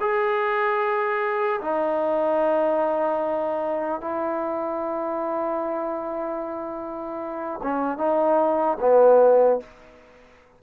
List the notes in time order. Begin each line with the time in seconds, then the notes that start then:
0.00 G#4
1.61 D#4
4.00 E4
7.62 C#4
7.97 D#4
8.80 B3